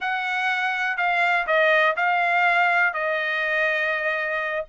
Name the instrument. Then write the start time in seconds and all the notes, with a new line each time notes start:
trumpet
0.00 F#5
0.97 F5
1.46 D#5
1.96 F5
2.93 D#5